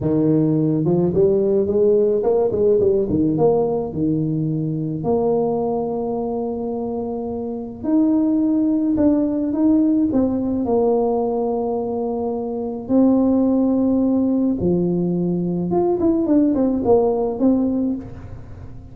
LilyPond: \new Staff \with { instrumentName = "tuba" } { \time 4/4 \tempo 4 = 107 dis4. f8 g4 gis4 | ais8 gis8 g8 dis8 ais4 dis4~ | dis4 ais2.~ | ais2 dis'2 |
d'4 dis'4 c'4 ais4~ | ais2. c'4~ | c'2 f2 | f'8 e'8 d'8 c'8 ais4 c'4 | }